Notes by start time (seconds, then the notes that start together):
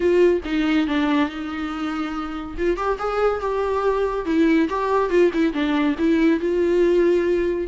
0.00 F4
0.45 D#4
0.87 D4
1.29 D#4
2.57 F4
2.77 G4
2.98 G#4
3.40 G4
4.25 E4
4.69 G4
5.09 F4
5.33 E4
5.53 D4
5.98 E4
6.39 F4